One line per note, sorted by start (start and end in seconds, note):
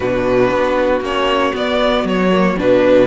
0.00 0.50 B2
0.00 1.03 D4
0.00 3.06 F#4
0.00 1.02 B4
0.50 1.00 B3
1.00 1.52 A#3
1.00 1.53 C#4
1.00 1.55 C#5
1.53 2.30 B3
1.53 2.03 B3
1.53 2.07 D5
2.03 2.55 F#3
2.03 2.58 C#5
2.31 2.57 A#3
2.57 3.06 B2
2.57 3.06 D4
2.57 3.06 B4